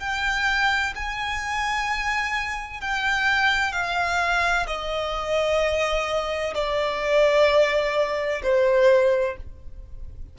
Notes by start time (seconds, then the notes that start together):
0.00 G5
0.95 G#5
2.81 G5
3.73 F5
4.67 D#5
6.55 D5
8.43 C5